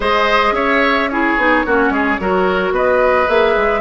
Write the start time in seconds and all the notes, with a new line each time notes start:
0.00 G#3 G#4 C5 D#5
0.51 C#4 C#5 E5
1.09 E4 G#4 C#5
1.37 B3 D#4
1.66 A#3 C#4 F#4
1.90 G#3 G#4
2.19 F#3 F#4 A#4
2.71 B3 B4 D#5
3.27 A#3 G#4 E5
3.56 G#3